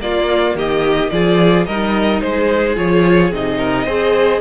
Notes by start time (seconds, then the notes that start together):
0.00 A#3 F4 D5
0.55 D#3 G4 D#5
1.10 F3 F4 G#4 D5
1.66 G3 D#4 A#4 D#5
2.21 G#3 G#4 C5
2.76 F3 F4 C#5
3.32 C3 D#4 D#5
3.58 A#4
3.85 C4 G#4 C5